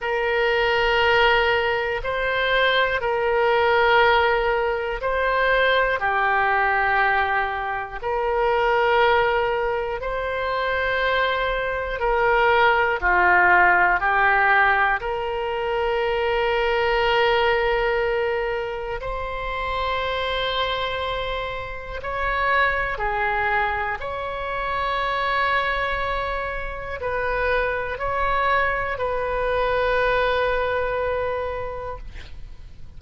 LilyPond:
\new Staff \with { instrumentName = "oboe" } { \time 4/4 \tempo 4 = 60 ais'2 c''4 ais'4~ | ais'4 c''4 g'2 | ais'2 c''2 | ais'4 f'4 g'4 ais'4~ |
ais'2. c''4~ | c''2 cis''4 gis'4 | cis''2. b'4 | cis''4 b'2. | }